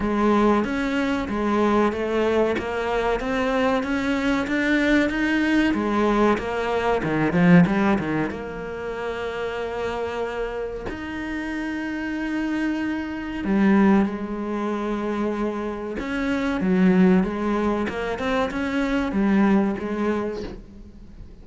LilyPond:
\new Staff \with { instrumentName = "cello" } { \time 4/4 \tempo 4 = 94 gis4 cis'4 gis4 a4 | ais4 c'4 cis'4 d'4 | dis'4 gis4 ais4 dis8 f8 | g8 dis8 ais2.~ |
ais4 dis'2.~ | dis'4 g4 gis2~ | gis4 cis'4 fis4 gis4 | ais8 c'8 cis'4 g4 gis4 | }